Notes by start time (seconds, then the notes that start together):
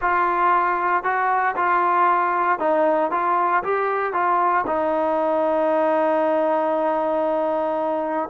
0.01 F4
1.03 F#4
1.56 F4
2.59 D#4
3.11 F4
3.63 G4
4.13 F4
4.67 D#4